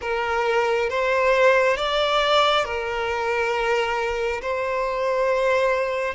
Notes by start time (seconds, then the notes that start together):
0.01 A#4
0.89 C5
1.76 D5
2.65 A#4
4.41 C5